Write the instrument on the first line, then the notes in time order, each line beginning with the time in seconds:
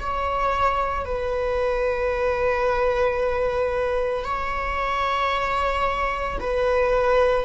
viola
0.00 C#5
1.05 B4
4.25 C#5
6.40 B4